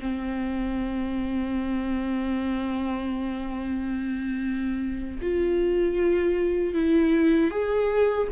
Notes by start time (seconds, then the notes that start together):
0.00 C4
5.21 F4
6.74 E4
7.51 G#4